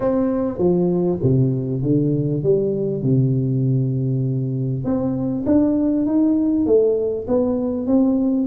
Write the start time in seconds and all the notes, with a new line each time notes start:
0.00 C4
0.58 F3
1.23 C3
1.82 D3
2.43 G3
3.02 C3
4.84 C4
5.45 D4
6.06 D#4
6.65 A3
7.27 B3
7.87 C4